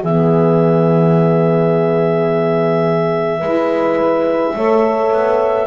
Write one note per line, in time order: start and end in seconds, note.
0.00 3.41 E3
0.00 3.42 B3
0.00 3.40 G#4
0.00 5.67 E5
3.40 4.54 G#3
3.40 4.54 E4
3.40 4.53 B4
4.54 5.11 A3
4.54 5.67 A4
4.54 5.67 C#5
5.11 5.67 B3